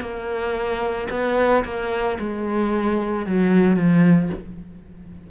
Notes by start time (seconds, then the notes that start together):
0.00 A#3
1.10 B3
1.64 A#3
2.19 G#3
3.26 F#3
3.75 F3